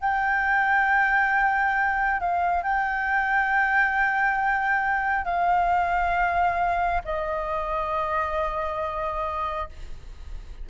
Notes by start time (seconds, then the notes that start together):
0.00 G5
2.20 F5
2.63 G5
5.25 F5
7.04 D#5